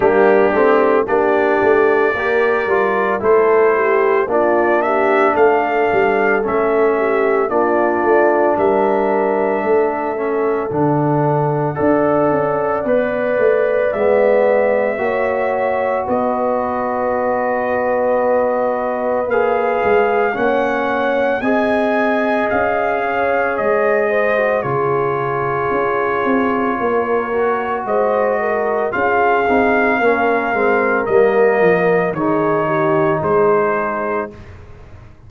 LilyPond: <<
  \new Staff \with { instrumentName = "trumpet" } { \time 4/4 \tempo 4 = 56 g'4 d''2 c''4 | d''8 e''8 f''4 e''4 d''4 | e''2 fis''2~ | fis''4 e''2 dis''4~ |
dis''2 f''4 fis''4 | gis''4 f''4 dis''4 cis''4~ | cis''2 dis''4 f''4~ | f''4 dis''4 cis''4 c''4 | }
  \new Staff \with { instrumentName = "horn" } { \time 4/4 d'4 g'4 ais'4 a'8 g'8 | f'8 g'8 a'4. g'8 f'4 | ais'4 a'2 d''4~ | d''2 cis''4 b'4~ |
b'2. cis''4 | dis''4. cis''4 c''8 gis'4~ | gis'4 ais'4 c''8 ais'8 gis'4 | ais'2 gis'8 g'8 gis'4 | }
  \new Staff \with { instrumentName = "trombone" } { \time 4/4 ais8 c'8 d'4 g'8 f'8 e'4 | d'2 cis'4 d'4~ | d'4. cis'8 d'4 a'4 | b'4 b4 fis'2~ |
fis'2 gis'4 cis'4 | gis'2~ gis'8. fis'16 f'4~ | f'4. fis'4. f'8 dis'8 | cis'8 c'8 ais4 dis'2 | }
  \new Staff \with { instrumentName = "tuba" } { \time 4/4 g8 a8 ais8 a8 ais8 g8 a4 | ais4 a8 g8 a4 ais8 a8 | g4 a4 d4 d'8 cis'8 | b8 a8 gis4 ais4 b4~ |
b2 ais8 gis8 ais4 | c'4 cis'4 gis4 cis4 | cis'8 c'8 ais4 gis4 cis'8 c'8 | ais8 gis8 g8 f8 dis4 gis4 | }
>>